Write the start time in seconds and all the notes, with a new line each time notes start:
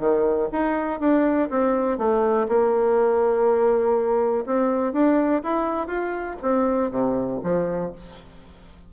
0.00 D#3
0.53 D#4
1.01 D4
1.50 C4
1.99 A3
2.49 A#3
4.46 C4
4.93 D4
5.44 E4
5.88 F4
6.43 C4
6.91 C3
7.44 F3